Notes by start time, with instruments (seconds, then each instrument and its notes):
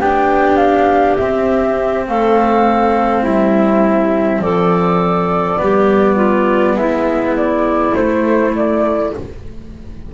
0.00 double bass B3, cello D4, clarinet G4, flute G5
0.57 flute F5
1.17 cello C4, double bass C4, flute E5
2.08 double bass A3, clarinet A4, flute F5
3.23 double bass G3, clarinet E4, flute E5
4.39 double bass F3, clarinet A4, flute D5
5.58 double bass G3, cello B3, clarinet G4
6.16 clarinet F4
6.76 double bass G#3, clarinet E4, flute E5
7.37 flute D5
7.92 cello A3, double bass A3, flute C5
8.55 flute D5